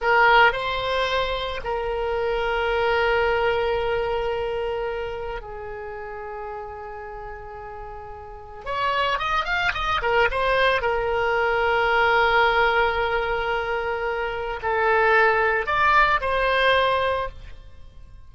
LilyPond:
\new Staff \with { instrumentName = "oboe" } { \time 4/4 \tempo 4 = 111 ais'4 c''2 ais'4~ | ais'1~ | ais'2 gis'2~ | gis'1 |
cis''4 dis''8 f''8 dis''8 ais'8 c''4 | ais'1~ | ais'2. a'4~ | a'4 d''4 c''2 | }